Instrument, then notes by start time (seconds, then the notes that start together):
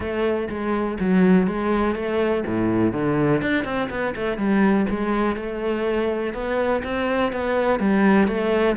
cello
0.00 A3
0.49 G#3
1.00 F#3
1.47 G#3
1.95 A3
2.46 A2
2.92 D3
3.41 D4
3.64 C4
3.90 B3
4.15 A3
4.37 G3
4.89 G#3
5.36 A3
6.33 B3
6.83 C4
7.32 B3
7.79 G3
8.27 A3